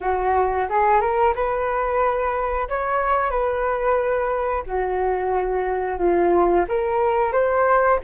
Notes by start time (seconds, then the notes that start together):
0.00 F#4
0.68 G#4
1.00 A#4
1.35 B4
2.68 C#5
3.30 B4
4.66 F#4
5.98 F4
6.68 A#4
7.32 C5